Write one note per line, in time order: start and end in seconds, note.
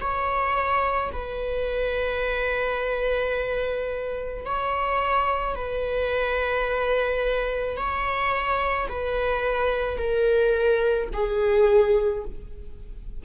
0.00 1.11 C#5
1.12 4.45 B4
4.45 5.55 C#5
5.55 7.77 B4
7.77 8.88 C#5
8.88 9.97 B4
9.97 11.09 A#4
11.13 12.24 G#4